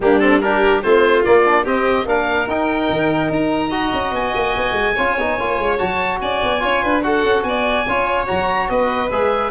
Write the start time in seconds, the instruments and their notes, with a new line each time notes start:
0.00 tuba G3, trombone A#3, violin D4, oboe G4
0.19 trombone C4, oboe A4
0.40 trombone D4, violin G4, oboe A#4
0.82 tuba A3, trombone C4, violin F4, oboe C5
1.24 trombone A#3, tuba A#3, oboe D5
1.45 trombone D4
1.63 tuba C4, trombone C4, violin G4, oboe D#5
2.05 tuba A#3, trombone D4, violin A#4, oboe F5
2.46 tuba D#4, trombone D#4, oboe G5
2.89 tuba D#3
3.30 tuba D#4, oboe A#5
3.69 trombone F#4, violin D#5
3.92 tuba C#4
4.11 tuba B3, oboe G#5
4.35 tuba A#3
4.56 tuba B3
4.72 tuba G#3
4.94 tuba C#4, trombone F4, violin C#5
5.17 tuba B3, trombone D#4
5.39 tuba A#3, trombone F4
5.58 tuba G#3
5.78 tuba F#3, trombone F#4, oboe A5
6.21 tuba C#4, violin D5, oboe G#5
6.42 tuba B3
6.59 tuba C#4, trombone F4, violin C#5
6.83 tuba D4, violin B4
7.02 trombone F#4, violin A4, oboe F#5
7.24 tuba C#4
7.43 tuba B3, violin D5, oboe G#5
7.86 tuba C#4, trombone F4, violin C#5
8.26 tuba F#3, trombone F#4, oboe A#5
8.69 tuba B3, violin B4, oboe D#5
9.10 tuba G#3, trombone G#4, oboe E5